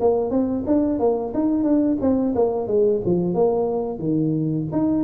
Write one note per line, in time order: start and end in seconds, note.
0.00 0.30 A#3
0.30 0.64 C4
0.66 0.99 D4
0.99 1.33 A#3
1.34 1.63 D#4
1.63 1.97 D4
2.00 2.34 C4
2.35 2.67 A#3
2.67 3.01 G#3
3.05 3.35 F3
3.35 3.99 A#3
3.99 4.66 D#3
4.72 5.04 D#4